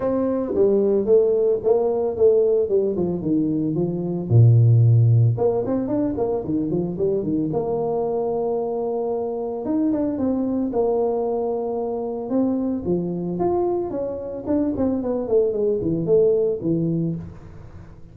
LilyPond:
\new Staff \with { instrumentName = "tuba" } { \time 4/4 \tempo 4 = 112 c'4 g4 a4 ais4 | a4 g8 f8 dis4 f4 | ais,2 ais8 c'8 d'8 ais8 | dis8 f8 g8 dis8 ais2~ |
ais2 dis'8 d'8 c'4 | ais2. c'4 | f4 f'4 cis'4 d'8 c'8 | b8 a8 gis8 e8 a4 e4 | }